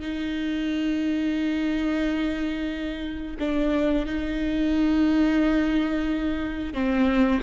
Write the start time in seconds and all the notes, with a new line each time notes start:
0.00 D#4
3.39 D4
4.06 D#4
6.74 C4